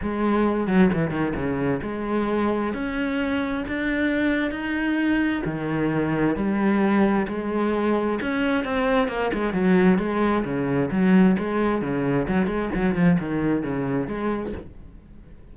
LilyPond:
\new Staff \with { instrumentName = "cello" } { \time 4/4 \tempo 4 = 132 gis4. fis8 e8 dis8 cis4 | gis2 cis'2 | d'2 dis'2 | dis2 g2 |
gis2 cis'4 c'4 | ais8 gis8 fis4 gis4 cis4 | fis4 gis4 cis4 fis8 gis8 | fis8 f8 dis4 cis4 gis4 | }